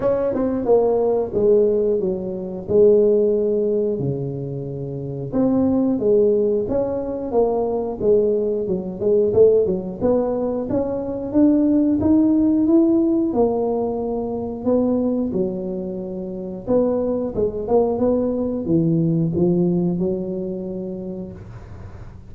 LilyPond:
\new Staff \with { instrumentName = "tuba" } { \time 4/4 \tempo 4 = 90 cis'8 c'8 ais4 gis4 fis4 | gis2 cis2 | c'4 gis4 cis'4 ais4 | gis4 fis8 gis8 a8 fis8 b4 |
cis'4 d'4 dis'4 e'4 | ais2 b4 fis4~ | fis4 b4 gis8 ais8 b4 | e4 f4 fis2 | }